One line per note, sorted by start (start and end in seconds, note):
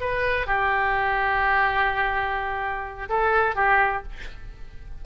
0.00 0.46 B4
0.46 3.08 G4
3.08 3.55 A4
3.55 4.03 G4